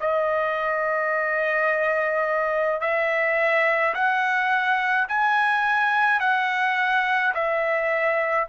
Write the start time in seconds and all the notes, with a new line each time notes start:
0.00 D#5
2.80 E5
3.94 F#5
5.08 G#5
6.20 F#5
7.34 E5